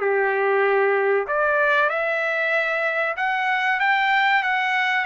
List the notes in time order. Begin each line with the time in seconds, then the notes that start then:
0.00 G4
1.27 D5
1.89 E5
3.16 F#5
3.79 G5
4.43 F#5